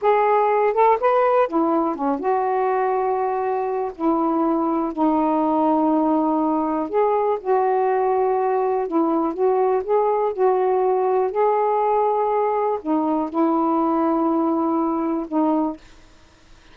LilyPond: \new Staff \with { instrumentName = "saxophone" } { \time 4/4 \tempo 4 = 122 gis'4. a'8 b'4 e'4 | cis'8 fis'2.~ fis'8 | e'2 dis'2~ | dis'2 gis'4 fis'4~ |
fis'2 e'4 fis'4 | gis'4 fis'2 gis'4~ | gis'2 dis'4 e'4~ | e'2. dis'4 | }